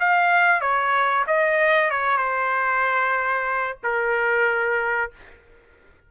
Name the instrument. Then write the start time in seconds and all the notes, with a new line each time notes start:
trumpet
0.00 F5
0.61 C#5
1.27 D#5
1.91 C#5
2.18 C5
3.84 A#4